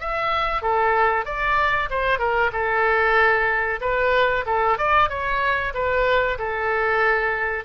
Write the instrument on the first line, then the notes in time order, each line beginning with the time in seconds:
oboe
0.00 E5
0.62 A4
1.25 D5
1.90 C5
2.19 A#4
2.52 A4
3.81 B4
4.46 A4
4.78 D5
5.09 C#5
5.74 B4
6.39 A4